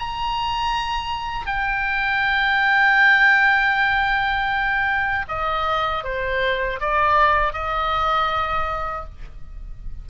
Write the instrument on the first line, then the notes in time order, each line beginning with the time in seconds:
oboe
0.00 A#5
1.47 G5
5.29 D#5
6.04 C5
6.81 D5
7.53 D#5